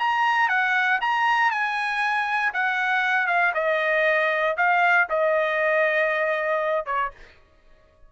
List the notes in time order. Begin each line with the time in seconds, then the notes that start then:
0.00 A#5
0.49 F#5
1.01 A#5
1.51 G#5
2.54 F#5
3.28 F5
3.55 D#5
4.58 F5
5.10 D#5
6.86 C#5